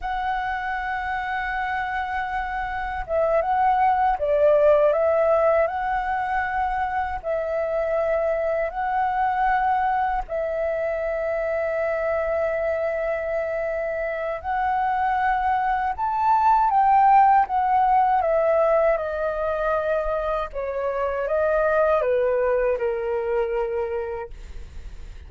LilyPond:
\new Staff \with { instrumentName = "flute" } { \time 4/4 \tempo 4 = 79 fis''1 | e''8 fis''4 d''4 e''4 fis''8~ | fis''4. e''2 fis''8~ | fis''4. e''2~ e''8~ |
e''2. fis''4~ | fis''4 a''4 g''4 fis''4 | e''4 dis''2 cis''4 | dis''4 b'4 ais'2 | }